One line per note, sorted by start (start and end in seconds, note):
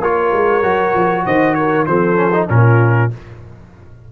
0.00 0.31 A#3
0.00 0.63 F4
0.00 1.25 A#4
0.00 1.26 C#5
0.33 0.63 G#3
0.63 0.94 F#3
0.63 1.87 F#4
0.94 1.25 F3
1.26 1.87 D#3
1.26 1.57 C5
1.26 1.54 D#5
1.54 1.88 A#4
1.54 1.85 C#5
1.86 2.49 F3
1.86 2.16 C4
1.86 2.50 A4
1.86 2.48 C5
2.16 2.31 C#4
2.33 2.48 D#4
2.49 3.11 A#2
2.49 3.10 C#4
2.49 3.12 F4
2.49 3.12 A#4